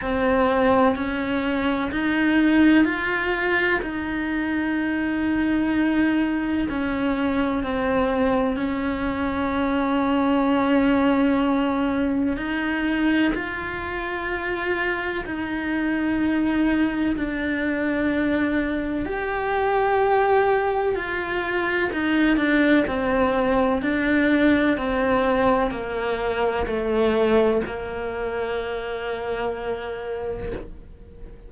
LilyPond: \new Staff \with { instrumentName = "cello" } { \time 4/4 \tempo 4 = 63 c'4 cis'4 dis'4 f'4 | dis'2. cis'4 | c'4 cis'2.~ | cis'4 dis'4 f'2 |
dis'2 d'2 | g'2 f'4 dis'8 d'8 | c'4 d'4 c'4 ais4 | a4 ais2. | }